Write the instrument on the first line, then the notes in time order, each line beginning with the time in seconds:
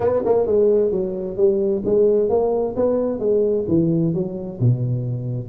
tuba
0.00 B3
0.25 A#3
0.46 G#3
0.91 F#3
1.36 G3
1.85 G#3
2.29 A#3
2.76 B3
3.19 G#3
3.68 E3
4.13 F#3
4.59 B2